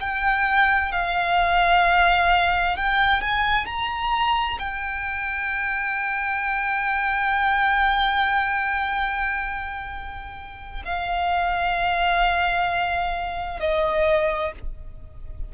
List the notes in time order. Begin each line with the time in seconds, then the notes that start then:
0.00 G5
0.91 F5
2.76 G5
3.21 G#5
3.66 A#5
4.59 G5
10.85 F5
13.60 D#5